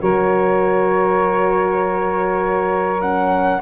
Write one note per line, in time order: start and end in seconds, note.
0.00 3.62 F#3
0.00 3.00 F#4
0.00 3.61 A#4
0.00 3.02 C#5
3.02 3.62 C#4
3.02 3.62 F#5